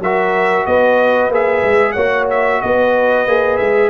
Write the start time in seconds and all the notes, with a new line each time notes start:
0.00 F#3 F#4 A#4 E5
0.66 B3 B4 D#5
1.30 A#3 G#4 E5
1.63 G#3
1.92 A#3 F#4 C#5 F#5
2.30 E5
2.62 B3 B4 D#5
3.27 A#3 G#4
3.57 G#3 E5